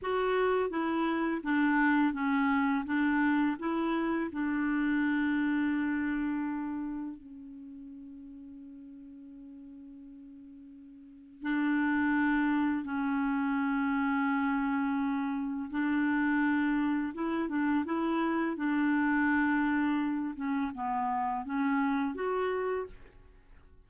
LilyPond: \new Staff \with { instrumentName = "clarinet" } { \time 4/4 \tempo 4 = 84 fis'4 e'4 d'4 cis'4 | d'4 e'4 d'2~ | d'2 cis'2~ | cis'1 |
d'2 cis'2~ | cis'2 d'2 | e'8 d'8 e'4 d'2~ | d'8 cis'8 b4 cis'4 fis'4 | }